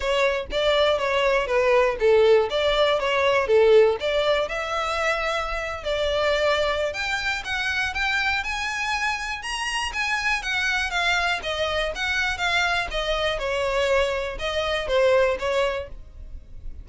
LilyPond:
\new Staff \with { instrumentName = "violin" } { \time 4/4 \tempo 4 = 121 cis''4 d''4 cis''4 b'4 | a'4 d''4 cis''4 a'4 | d''4 e''2~ e''8. d''16~ | d''2 g''4 fis''4 |
g''4 gis''2 ais''4 | gis''4 fis''4 f''4 dis''4 | fis''4 f''4 dis''4 cis''4~ | cis''4 dis''4 c''4 cis''4 | }